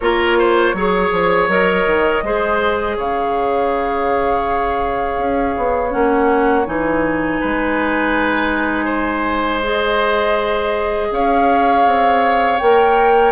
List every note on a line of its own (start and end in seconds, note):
0.00 0.73 A#3
0.00 0.75 F4
0.00 0.37 A#4
0.00 1.48 C#5
0.38 0.75 C5
0.73 1.10 F#3
0.73 1.49 G#4
0.73 2.24 C#5
1.12 1.48 F3
1.48 1.85 F#3
1.48 2.23 A#4
1.48 2.97 D#5
1.86 2.22 D#3
2.22 2.96 G#3
2.22 5.90 G#4
2.22 2.97 C5
2.97 5.17 C#3
2.97 7.40 C#5
2.97 5.91 F5
5.17 5.54 C#4
5.57 5.94 B3
5.90 6.66 A#3
5.90 6.65 C#4
5.90 6.65 F#5
6.65 7.40 E3
6.65 9.61 D#4
6.65 9.62 G#5
7.40 11.10 G#3
7.40 8.84 B4
8.84 11.06 C5
9.62 12.59 G#4
9.62 11.12 D#5
11.10 11.85 C#4
11.10 13.32 C#5
11.10 12.58 F5
11.85 12.59 C4
12.58 13.32 A#3
12.58 13.32 A#4
12.58 13.32 G5